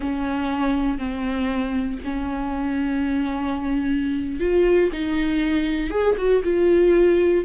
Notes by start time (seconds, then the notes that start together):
0.00 C#4
0.98 C4
2.04 C#4
4.40 F4
4.92 D#4
5.90 G#4
6.17 F#4
6.43 F4